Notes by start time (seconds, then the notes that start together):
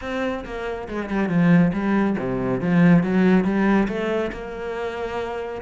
0.01 C4
0.44 A#3
0.88 G#3
1.09 G3
1.29 F3
1.73 G3
2.18 C3
2.60 F3
3.03 F#3
3.44 G3
3.88 A3
4.32 A#3